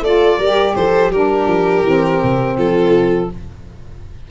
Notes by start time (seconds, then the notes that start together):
0.00 A3 F4 A4 D5
0.38 G3 G4 A#4
0.75 F3 A4 C5
1.10 G3 D4 G4 A#4
1.46 F3
1.83 E3 C4
2.23 C3
2.57 F3 F4 A4